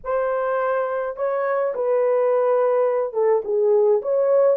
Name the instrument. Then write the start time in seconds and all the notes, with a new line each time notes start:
horn
0.04 C5
1.16 C#5
1.74 B4
3.13 A4
3.44 G#4
4.02 C#5